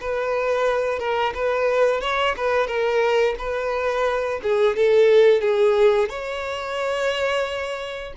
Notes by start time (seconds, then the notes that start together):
0.00 B4
0.99 A#4
1.35 B4
2.01 C#5
2.37 B4
2.67 A#4
3.38 B4
4.43 G#4
4.76 A4
5.41 G#4
6.09 C#5